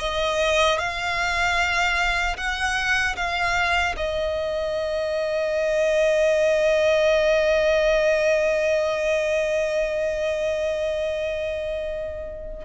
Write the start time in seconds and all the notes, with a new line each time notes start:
0.00 D#5
0.79 F5
2.37 F#5
3.17 F5
3.97 D#5